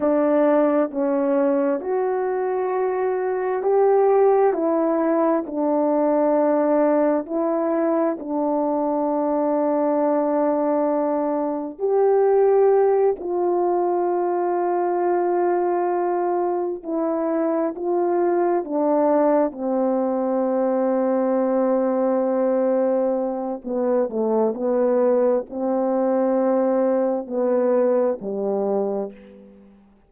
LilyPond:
\new Staff \with { instrumentName = "horn" } { \time 4/4 \tempo 4 = 66 d'4 cis'4 fis'2 | g'4 e'4 d'2 | e'4 d'2.~ | d'4 g'4. f'4.~ |
f'2~ f'8 e'4 f'8~ | f'8 d'4 c'2~ c'8~ | c'2 b8 a8 b4 | c'2 b4 g4 | }